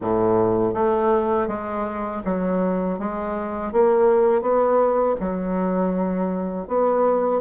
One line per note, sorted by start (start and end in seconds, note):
0.01 0.74 A2
0.74 1.47 A3
1.47 2.22 G#3
2.24 2.98 F#3
2.98 3.72 G#3
3.72 4.41 A#3
4.41 5.15 B3
5.20 6.67 F#3
6.67 7.41 B3